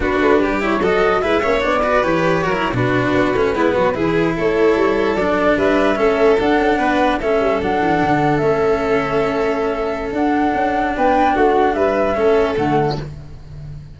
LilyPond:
<<
  \new Staff \with { instrumentName = "flute" } { \time 4/4 \tempo 4 = 148 b'4. cis''8 dis''4 e''4 | d''4 cis''4.~ cis''16 b'4~ b'16~ | b'2~ b'8. cis''4~ cis''16~ | cis''8. d''4 e''2 fis''16~ |
fis''4.~ fis''16 e''4 fis''4~ fis''16~ | fis''8. e''2.~ e''16~ | e''4 fis''2 g''4 | fis''4 e''2 fis''4 | }
  \new Staff \with { instrumentName = "violin" } { \time 4/4 fis'4 g'4 a'4 b'8 cis''8~ | cis''8 b'4. ais'8. fis'4~ fis'16~ | fis'8. e'8 fis'8 gis'4 a'4~ a'16~ | a'4.~ a'16 b'4 a'4~ a'16~ |
a'8. b'4 a'2~ a'16~ | a'1~ | a'2. b'4 | fis'4 b'4 a'2 | }
  \new Staff \with { instrumentName = "cello" } { \time 4/4 d'4. e'8 fis'4 e'8 cis'8 | d'8 fis'8 g'4 fis'16 e'8 d'4~ d'16~ | d'16 cis'8 b4 e'2~ e'16~ | e'8. d'2 cis'4 d'16~ |
d'4.~ d'16 cis'4 d'4~ d'16~ | d'8. cis'2.~ cis'16~ | cis'4 d'2.~ | d'2 cis'4 a4 | }
  \new Staff \with { instrumentName = "tuba" } { \time 4/4 b8 a8 g4 fis4 gis8 ais8 | b4 e4 fis8. b,4 b16~ | b16 a8 gis8 fis8 e4 a4 g16~ | g8. fis4 g4 a4 d'16~ |
d'16 cis'8 b4 a8 g8 fis8 e8 d16~ | d8. a2.~ a16~ | a4 d'4 cis'4 b4 | a4 g4 a4 d4 | }
>>